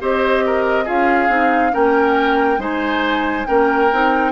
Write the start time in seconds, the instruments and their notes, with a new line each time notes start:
0.00 bassoon C4, clarinet G4, oboe C5, flute D#5
0.45 oboe A#4
0.84 bassoon C#4, clarinet F4, oboe G#4, flute F5
1.28 bassoon C4, clarinet D#4
1.71 bassoon A#3, clarinet C#4, oboe A#4, flute G5
2.58 bassoon G#3, clarinet D#4, oboe C5, flute G#5
3.46 bassoon A#3, clarinet C#4, oboe A#4, flute G5
3.92 bassoon C4, clarinet D#4